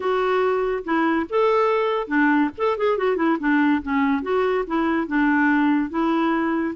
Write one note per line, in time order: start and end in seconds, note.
0.00 0.83 F#4
0.84 1.26 E4
1.29 2.07 A4
2.07 2.49 D4
2.57 2.77 A4
2.77 2.97 G#4
2.97 3.16 F#4
3.16 3.37 E4
3.39 3.81 D4
3.82 4.22 C#4
4.22 4.64 F#4
4.67 5.07 E4
5.07 5.90 D4
5.90 6.74 E4